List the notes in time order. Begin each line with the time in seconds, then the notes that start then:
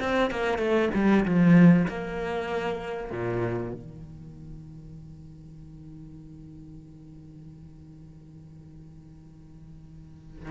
0.00 C4
0.31 A#3
0.58 A3
0.94 G3
1.25 F3
1.88 A#3
3.11 A#2
3.73 D#3